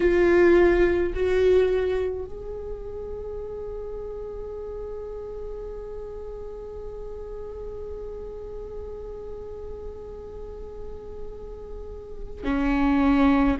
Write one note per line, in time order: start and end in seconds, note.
0.00 1.13 F4
1.13 2.25 F#4
2.25 12.44 G#4
12.44 13.57 C#4